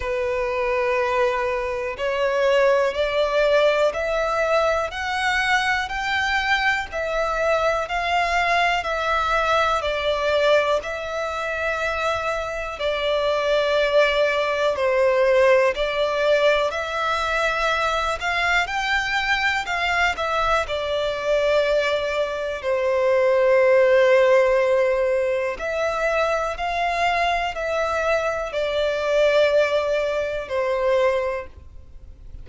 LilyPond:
\new Staff \with { instrumentName = "violin" } { \time 4/4 \tempo 4 = 61 b'2 cis''4 d''4 | e''4 fis''4 g''4 e''4 | f''4 e''4 d''4 e''4~ | e''4 d''2 c''4 |
d''4 e''4. f''8 g''4 | f''8 e''8 d''2 c''4~ | c''2 e''4 f''4 | e''4 d''2 c''4 | }